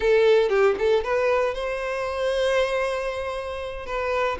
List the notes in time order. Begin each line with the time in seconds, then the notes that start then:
0.00 A4
0.49 G4
0.78 A4
1.04 B4
1.54 C5
3.86 B4